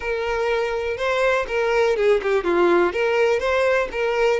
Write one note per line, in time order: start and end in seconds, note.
0.00 0.97 A#4
0.97 1.46 C5
1.47 1.96 A#4
1.96 2.20 G#4
2.22 2.44 G4
2.44 2.92 F4
2.92 3.39 A#4
3.39 3.88 C5
3.91 4.40 A#4